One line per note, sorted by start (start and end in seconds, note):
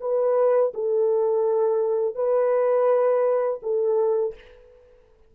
0.00 0.72 B4
0.74 2.15 A4
2.15 3.59 B4
3.62 4.34 A4